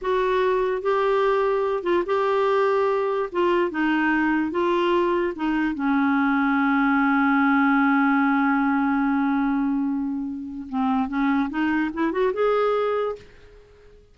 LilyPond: \new Staff \with { instrumentName = "clarinet" } { \time 4/4 \tempo 4 = 146 fis'2 g'2~ | g'8 f'8 g'2. | f'4 dis'2 f'4~ | f'4 dis'4 cis'2~ |
cis'1~ | cis'1~ | cis'2 c'4 cis'4 | dis'4 e'8 fis'8 gis'2 | }